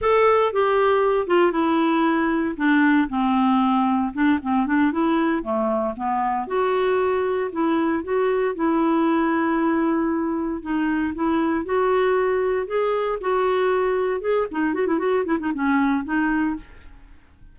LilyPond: \new Staff \with { instrumentName = "clarinet" } { \time 4/4 \tempo 4 = 116 a'4 g'4. f'8 e'4~ | e'4 d'4 c'2 | d'8 c'8 d'8 e'4 a4 b8~ | b8 fis'2 e'4 fis'8~ |
fis'8 e'2.~ e'8~ | e'8 dis'4 e'4 fis'4.~ | fis'8 gis'4 fis'2 gis'8 | dis'8 fis'16 e'16 fis'8 e'16 dis'16 cis'4 dis'4 | }